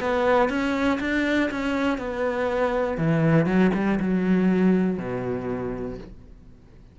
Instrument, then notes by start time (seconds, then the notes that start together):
cello
0.00 B3
0.49 C#4
1.00 D4
1.51 C#4
1.98 B3
2.98 E3
3.46 F#3
3.74 G3
4.00 F#3
4.98 B2